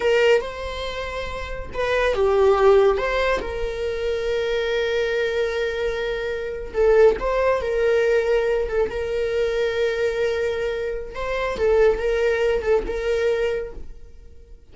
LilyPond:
\new Staff \with { instrumentName = "viola" } { \time 4/4 \tempo 4 = 140 ais'4 c''2. | b'4 g'2 c''4 | ais'1~ | ais'2.~ ais'8. a'16~ |
a'8. c''4 ais'2~ ais'16~ | ais'16 a'8 ais'2.~ ais'16~ | ais'2 c''4 a'4 | ais'4. a'8 ais'2 | }